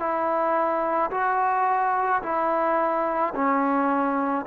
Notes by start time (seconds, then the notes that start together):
0.00 E4
1.11 F#4
2.23 E4
3.35 C#4